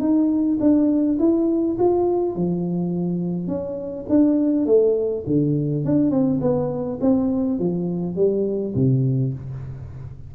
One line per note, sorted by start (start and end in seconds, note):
0.00 0.58 D#4
0.60 1.18 D4
1.19 1.77 E4
1.79 2.36 F4
2.36 3.48 F3
3.48 4.06 C#4
4.09 4.66 D4
4.66 5.24 A3
5.27 5.85 D3
5.85 6.11 D4
6.11 6.40 C4
6.41 6.99 B3
7.01 7.59 C4
7.59 8.16 F3
8.16 8.74 G3
8.75 9.33 C3